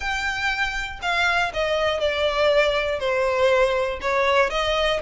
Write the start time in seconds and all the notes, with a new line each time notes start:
0.00 G5
1.02 F5
1.53 D#5
2.00 D5
2.99 C5
4.01 C#5
4.50 D#5